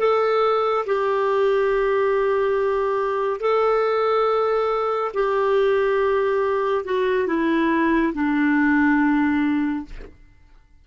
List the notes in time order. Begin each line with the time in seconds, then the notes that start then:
0.00 A4
0.86 G4
3.41 A4
5.14 G4
6.85 F#4
7.27 E4
8.14 D4